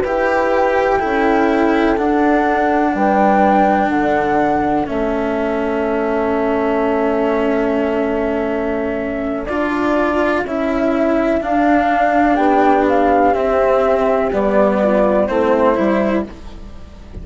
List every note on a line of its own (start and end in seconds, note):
0.00 1.01 E4
0.00 0.99 G4
0.00 0.97 B4
0.06 1.97 G5
0.98 1.99 C#4
0.98 1.96 E4
0.98 2.92 A4
1.96 4.86 D4
1.96 2.94 D4
1.96 2.94 F#5
2.94 3.88 G3
2.94 3.92 B4
2.94 3.89 G5
3.88 4.85 D3
3.88 12.35 A4
3.88 4.86 F#5
4.86 9.48 A3
4.86 9.46 C#4
4.86 9.45 E5
9.45 10.44 D4
9.45 10.45 F4
9.45 10.42 D5
10.44 11.41 C#4
10.44 11.40 E4
10.44 11.42 E5
11.40 13.34 D4
11.40 12.37 D4
11.40 12.36 F5
12.35 13.34 B3
12.35 14.77 G4
12.35 12.84 G5
12.88 13.34 F5
13.34 14.30 C4
13.34 14.31 C4
13.34 14.30 E5
14.32 15.28 G3
14.32 15.28 B3
14.32 15.26 D5
14.82 15.28 F4
15.26 15.77 A3
15.26 15.74 C4
15.26 16.24 E4
15.26 16.23 C5
15.74 16.26 G3
15.74 16.23 E4